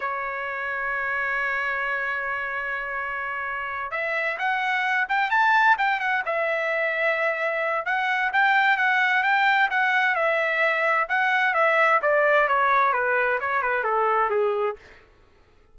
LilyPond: \new Staff \with { instrumentName = "trumpet" } { \time 4/4 \tempo 4 = 130 cis''1~ | cis''1~ | cis''8 e''4 fis''4. g''8 a''8~ | a''8 g''8 fis''8 e''2~ e''8~ |
e''4 fis''4 g''4 fis''4 | g''4 fis''4 e''2 | fis''4 e''4 d''4 cis''4 | b'4 cis''8 b'8 a'4 gis'4 | }